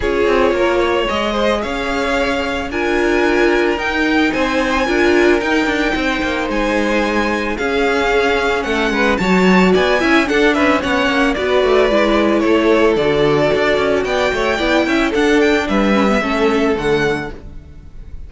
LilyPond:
<<
  \new Staff \with { instrumentName = "violin" } { \time 4/4 \tempo 4 = 111 cis''2 dis''4 f''4~ | f''4 gis''2 g''4 | gis''2 g''2 | gis''2 f''2 |
fis''4 a''4 gis''4 fis''8 e''8 | fis''4 d''2 cis''4 | d''2 g''2 | fis''8 g''8 e''2 fis''4 | }
  \new Staff \with { instrumentName = "violin" } { \time 4/4 gis'4 ais'8 cis''4 c''8 cis''4~ | cis''4 ais'2. | c''4 ais'2 c''4~ | c''2 gis'2 |
a'8 b'8 cis''4 d''8 e''8 a'8 b'8 | cis''4 b'2 a'4~ | a'2 d''8 cis''8 d''8 e''8 | a'4 b'4 a'2 | }
  \new Staff \with { instrumentName = "viola" } { \time 4/4 f'2 gis'2~ | gis'4 f'2 dis'4~ | dis'4 f'4 dis'2~ | dis'2 cis'2~ |
cis'4 fis'4. e'8 d'4 | cis'4 fis'4 e'2 | fis'2. e'4 | d'4. cis'16 b16 cis'4 a4 | }
  \new Staff \with { instrumentName = "cello" } { \time 4/4 cis'8 c'8 ais4 gis4 cis'4~ | cis'4 d'2 dis'4 | c'4 d'4 dis'8 d'8 c'8 ais8 | gis2 cis'2 |
a8 gis8 fis4 b8 cis'8 d'8 cis'8 | b8 ais8 b8 a8 gis4 a4 | d4 d'8 cis'8 b8 a8 b8 cis'8 | d'4 g4 a4 d4 | }
>>